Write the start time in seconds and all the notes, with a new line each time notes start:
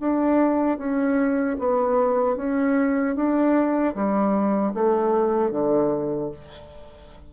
0.00 D4
0.78 C#4
1.59 B3
2.36 C#4
3.15 D4
3.95 G3
4.74 A3
5.52 D3